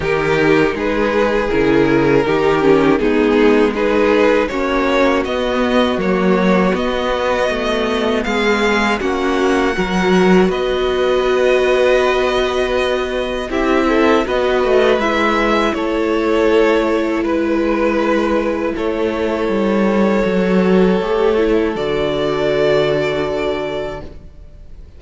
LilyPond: <<
  \new Staff \with { instrumentName = "violin" } { \time 4/4 \tempo 4 = 80 ais'4 b'4 ais'2 | gis'4 b'4 cis''4 dis''4 | cis''4 dis''2 f''4 | fis''2 dis''2~ |
dis''2 e''4 dis''4 | e''4 cis''2 b'4~ | b'4 cis''2.~ | cis''4 d''2. | }
  \new Staff \with { instrumentName = "violin" } { \time 4/4 g'4 gis'2 g'4 | dis'4 gis'4 fis'2~ | fis'2. gis'4 | fis'4 ais'4 b'2~ |
b'2 g'8 a'8 b'4~ | b'4 a'2 b'4~ | b'4 a'2.~ | a'1 | }
  \new Staff \with { instrumentName = "viola" } { \time 4/4 dis'2 e'4 dis'8 cis'8 | b4 dis'4 cis'4 b4 | ais4 b2. | cis'4 fis'2.~ |
fis'2 e'4 fis'4 | e'1~ | e'2. fis'4 | g'8 e'8 fis'2. | }
  \new Staff \with { instrumentName = "cello" } { \time 4/4 dis4 gis4 cis4 dis4 | gis2 ais4 b4 | fis4 b4 a4 gis4 | ais4 fis4 b2~ |
b2 c'4 b8 a8 | gis4 a2 gis4~ | gis4 a4 g4 fis4 | a4 d2. | }
>>